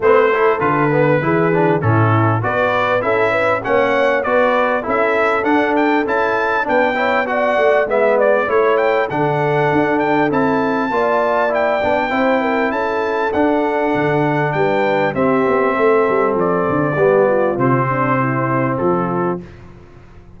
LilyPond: <<
  \new Staff \with { instrumentName = "trumpet" } { \time 4/4 \tempo 4 = 99 c''4 b'2 a'4 | d''4 e''4 fis''4 d''4 | e''4 fis''8 g''8 a''4 g''4 | fis''4 e''8 d''8 cis''8 g''8 fis''4~ |
fis''8 g''8 a''2 g''4~ | g''4 a''4 fis''2 | g''4 e''2 d''4~ | d''4 c''2 a'4 | }
  \new Staff \with { instrumentName = "horn" } { \time 4/4 b'8 a'4. gis'4 e'4 | b'4 a'8 b'8 cis''4 b'4 | a'2. b'8 cis''8 | d''4 e''8 d''8 cis''4 a'4~ |
a'2 d''2 | c''8 ais'8 a'2. | b'4 g'4 a'2 | g'8 f'4 d'8 e'4 f'4 | }
  \new Staff \with { instrumentName = "trombone" } { \time 4/4 c'8 e'8 f'8 b8 e'8 d'8 cis'4 | fis'4 e'4 cis'4 fis'4 | e'4 d'4 e'4 d'8 e'8 | fis'4 b4 e'4 d'4~ |
d'4 e'4 f'4 e'8 d'8 | e'2 d'2~ | d'4 c'2. | b4 c'2. | }
  \new Staff \with { instrumentName = "tuba" } { \time 4/4 a4 d4 e4 a,4 | b4 cis'4 ais4 b4 | cis'4 d'4 cis'4 b4~ | b8 a8 gis4 a4 d4 |
d'4 c'4 ais4. b8 | c'4 cis'4 d'4 d4 | g4 c'8 b8 a8 g8 f8 d8 | g4 c2 f4 | }
>>